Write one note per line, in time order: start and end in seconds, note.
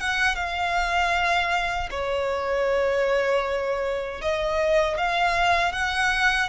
0.00 0.36 F#5
0.36 1.90 F5
1.91 4.21 C#5
4.22 4.98 D#5
4.98 5.72 F5
5.72 6.49 F#5